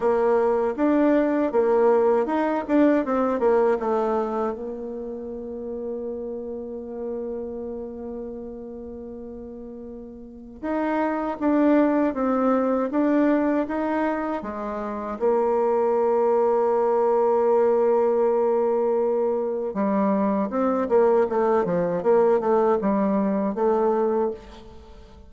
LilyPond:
\new Staff \with { instrumentName = "bassoon" } { \time 4/4 \tempo 4 = 79 ais4 d'4 ais4 dis'8 d'8 | c'8 ais8 a4 ais2~ | ais1~ | ais2 dis'4 d'4 |
c'4 d'4 dis'4 gis4 | ais1~ | ais2 g4 c'8 ais8 | a8 f8 ais8 a8 g4 a4 | }